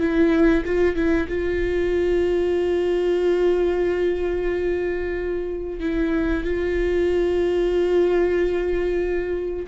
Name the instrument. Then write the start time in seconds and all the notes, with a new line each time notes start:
viola
0.00 E4
0.65 F4
0.95 E4
1.28 F4
5.80 E4
6.44 F4